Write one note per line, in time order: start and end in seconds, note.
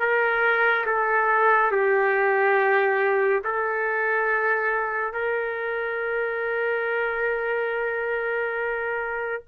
0.00 0.86 A#4
0.86 1.71 A4
1.71 3.43 G4
3.44 5.13 A4
5.13 9.42 A#4